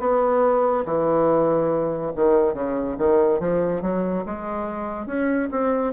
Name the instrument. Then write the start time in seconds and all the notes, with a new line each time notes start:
bassoon
0.00 B3
0.85 E3
2.16 D#3
2.54 C#3
2.98 D#3
3.40 F3
3.82 F#3
4.26 G#3
5.07 C#4
5.51 C4